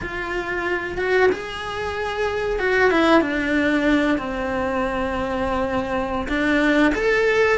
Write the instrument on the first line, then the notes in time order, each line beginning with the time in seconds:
cello
0.01 F4
0.97 F#4
1.31 G#4
2.59 F#4
2.90 E4
3.21 D4
4.18 C4
6.28 D4
6.94 A4